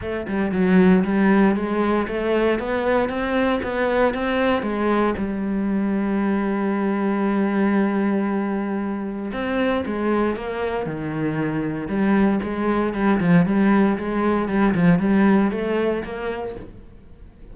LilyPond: \new Staff \with { instrumentName = "cello" } { \time 4/4 \tempo 4 = 116 a8 g8 fis4 g4 gis4 | a4 b4 c'4 b4 | c'4 gis4 g2~ | g1~ |
g2 c'4 gis4 | ais4 dis2 g4 | gis4 g8 f8 g4 gis4 | g8 f8 g4 a4 ais4 | }